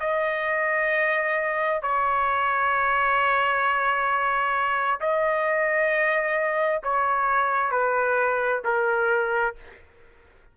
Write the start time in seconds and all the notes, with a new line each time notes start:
0.00 D#5
1.82 C#5
5.00 D#5
6.83 C#5
7.71 B4
8.64 A#4